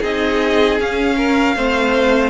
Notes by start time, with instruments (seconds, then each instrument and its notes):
0.00 cello C4, viola D#4, violin G#4 D#5
0.80 cello C#4, viola C#4, violin F5
1.17 violin A#4
1.56 cello A3, viola C4, violin C5